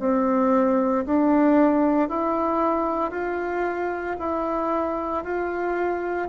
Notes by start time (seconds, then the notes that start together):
0.00 C4
1.06 D4
2.09 E4
3.11 F4
4.19 E4
5.24 F4